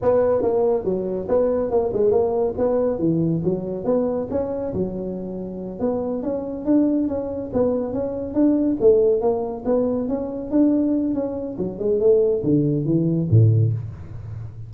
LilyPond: \new Staff \with { instrumentName = "tuba" } { \time 4/4 \tempo 4 = 140 b4 ais4 fis4 b4 | ais8 gis8 ais4 b4 e4 | fis4 b4 cis'4 fis4~ | fis4. b4 cis'4 d'8~ |
d'8 cis'4 b4 cis'4 d'8~ | d'8 a4 ais4 b4 cis'8~ | cis'8 d'4. cis'4 fis8 gis8 | a4 d4 e4 a,4 | }